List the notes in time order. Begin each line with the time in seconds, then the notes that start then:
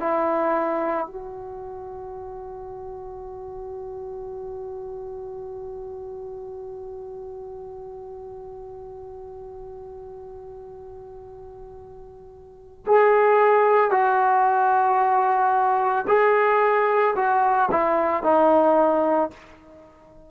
0.00 E4
1.07 F#4
12.87 G#4
13.91 F#4
16.08 G#4
17.16 F#4
17.71 E4
18.23 D#4